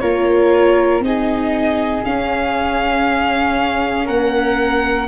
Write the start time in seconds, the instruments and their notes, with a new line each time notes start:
0.00 tuba A#3, viola F4, flute A#4, violin C#5
1.00 tuba C4, viola D#4, flute G#4, violin D#5
2.04 viola C#4, tuba C#4, violin F5
4.05 tuba A#3, flute A#4, violin F#5